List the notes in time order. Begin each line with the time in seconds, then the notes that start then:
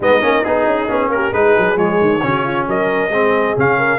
0.00 G#3 B3 D#4 D#5
0.21 A#3 C#4
0.44 B3 D#4 G#4
0.65 C#4
0.88 B3 C#4
1.09 A#3 G4 A#4
1.32 G#3 D#4 G#4 B4
1.58 F#3
1.76 F3 G#3 C#5
2.01 D#3
2.22 C#3 C#4 F#4
2.44 F4
2.67 F#3 A#4 D#5
3.08 G#3 C4 G#4
3.56 C#3 C#4 F5
3.77 A#4